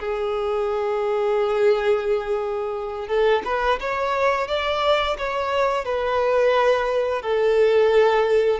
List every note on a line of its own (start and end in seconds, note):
0.00 3.08 G#4
3.08 3.43 A4
3.45 3.80 B4
3.80 4.48 C#5
4.48 5.17 D5
5.18 5.85 C#5
5.85 7.22 B4
7.22 8.60 A4